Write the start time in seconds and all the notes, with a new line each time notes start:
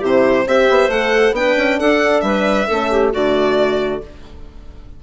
0.00 C3 E4 G4 C5
0.46 C4 G4 C5 E5
0.70 B3
0.88 A3 A4 F#5
1.32 B3 D4 B4 G5
1.57 C#4
1.80 D4 A4 F#5
2.21 G3 B4 E5
2.68 A3 C#4 A4
2.91 G4
3.12 D3 A3 F#4 D5